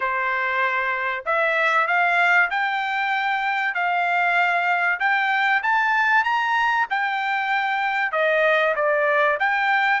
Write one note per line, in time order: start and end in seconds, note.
0.00 1.24 C5
1.25 1.87 E5
1.87 2.49 F5
2.50 3.74 G5
3.74 4.99 F5
4.99 5.62 G5
5.62 6.24 A5
6.24 6.86 A#5
6.90 8.12 G5
8.12 8.74 D#5
8.75 9.38 D5
9.39 10.00 G5